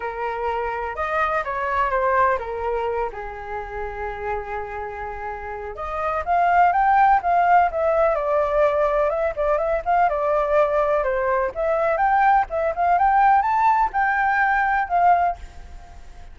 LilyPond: \new Staff \with { instrumentName = "flute" } { \time 4/4 \tempo 4 = 125 ais'2 dis''4 cis''4 | c''4 ais'4. gis'4.~ | gis'1 | dis''4 f''4 g''4 f''4 |
e''4 d''2 e''8 d''8 | e''8 f''8 d''2 c''4 | e''4 g''4 e''8 f''8 g''4 | a''4 g''2 f''4 | }